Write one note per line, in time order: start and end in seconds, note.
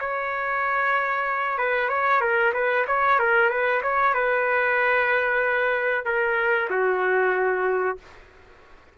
0.00 1.58 C#5
1.58 1.89 B4
1.89 2.21 C#5
2.21 2.53 A#4
2.54 2.85 B4
2.88 3.19 C#5
3.19 3.50 A#4
3.50 3.82 B4
3.83 4.14 C#5
4.14 6.05 B4
6.05 6.69 A#4
6.70 7.98 F#4